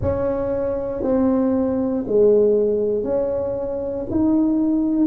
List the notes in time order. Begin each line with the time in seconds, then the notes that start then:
0.01 C#4
1.02 C4
2.07 G#3
3.03 C#4
4.10 D#4